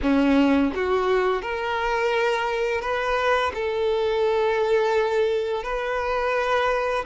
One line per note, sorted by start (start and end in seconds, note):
0.02 0.73 C#4
0.74 1.41 F#4
1.41 2.81 A#4
2.81 3.51 B4
3.54 5.63 A4
5.63 7.04 B4